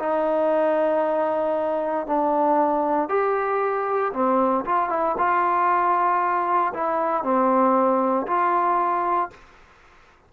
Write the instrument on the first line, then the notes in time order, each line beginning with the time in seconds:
trombone
0.00 D#4
2.07 D4
3.09 G4
4.13 C4
4.65 F4
4.90 E4
5.18 F4
6.74 E4
7.24 C4
8.27 F4